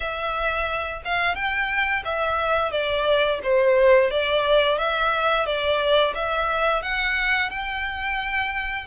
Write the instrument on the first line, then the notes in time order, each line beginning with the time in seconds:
violin
0.00 E5
1.04 F5
1.35 G5
2.04 E5
2.71 D5
3.43 C5
4.11 D5
4.78 E5
5.45 D5
6.14 E5
6.82 F#5
7.50 G5